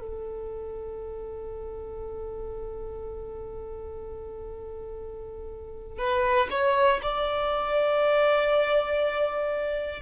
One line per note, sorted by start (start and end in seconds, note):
0.00 5.98 A4
5.98 6.48 B4
6.50 7.00 C#5
7.03 10.02 D5